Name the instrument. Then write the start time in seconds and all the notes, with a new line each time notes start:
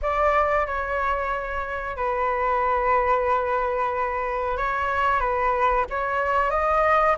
flute
0.02 D5
0.66 C#5
1.96 B4
4.57 C#5
5.20 B4
5.90 C#5
6.50 D#5